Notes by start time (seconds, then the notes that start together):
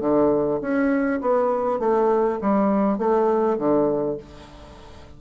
0.00 D3
0.61 C#4
1.21 B3
1.79 A3
2.41 G3
2.98 A3
3.58 D3